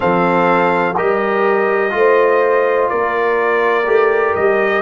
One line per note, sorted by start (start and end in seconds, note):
0.00 0.98 F3
0.00 0.94 C4
0.00 0.94 A4
0.00 0.96 F5
0.95 1.93 G3
0.95 1.90 G4
0.95 1.91 A#4
0.95 2.89 D#5
1.90 2.90 A3
1.90 3.83 F4
1.97 2.90 C5
2.89 3.86 A#3
2.89 4.81 A#4
2.89 4.34 D5
3.85 4.34 A3
3.85 4.81 G4
4.34 4.81 G3
4.34 4.81 D#5